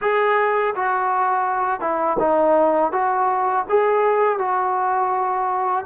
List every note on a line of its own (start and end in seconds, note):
0.01 0.74 G#4
0.75 1.80 F#4
1.80 2.17 E4
2.19 2.92 D#4
2.92 3.65 F#4
3.69 4.38 G#4
4.38 5.84 F#4